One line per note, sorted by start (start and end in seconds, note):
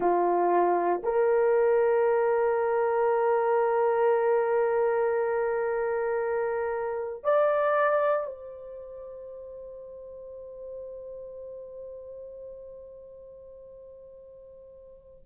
0.00 1.02 F4
1.03 7.23 A#4
7.23 8.26 D5
8.26 15.24 C5